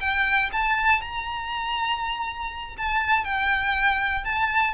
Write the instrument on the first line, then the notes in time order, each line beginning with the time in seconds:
violin
0.00 G5
0.53 A5
1.01 A#5
2.78 A5
3.24 G5
4.25 A5